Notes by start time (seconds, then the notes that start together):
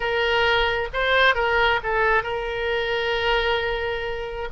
0.00 A#4
0.93 C5
1.35 A#4
1.83 A4
2.23 A#4